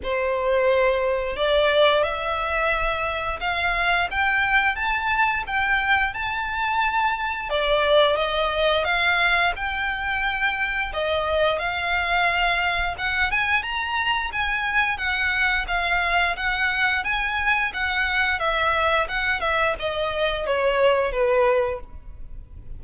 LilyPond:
\new Staff \with { instrumentName = "violin" } { \time 4/4 \tempo 4 = 88 c''2 d''4 e''4~ | e''4 f''4 g''4 a''4 | g''4 a''2 d''4 | dis''4 f''4 g''2 |
dis''4 f''2 fis''8 gis''8 | ais''4 gis''4 fis''4 f''4 | fis''4 gis''4 fis''4 e''4 | fis''8 e''8 dis''4 cis''4 b'4 | }